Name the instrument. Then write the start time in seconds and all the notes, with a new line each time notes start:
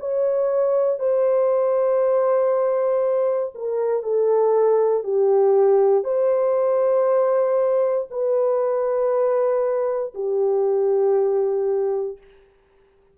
horn
0.00 C#5
0.99 C5
3.55 A#4
4.03 A4
5.04 G4
6.04 C5
8.11 B4
10.15 G4